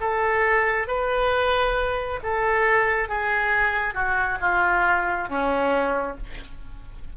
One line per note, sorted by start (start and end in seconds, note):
0.00 0.87 A4
0.87 2.20 B4
2.23 3.08 A4
3.08 3.94 G#4
3.94 4.38 F#4
4.40 5.29 F4
5.29 6.17 C#4